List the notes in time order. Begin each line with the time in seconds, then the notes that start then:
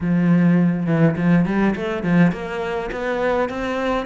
0.01 F3
0.86 E3
1.16 F3
1.45 G3
1.75 A3
2.03 F3
2.32 A#3
2.91 B3
3.49 C4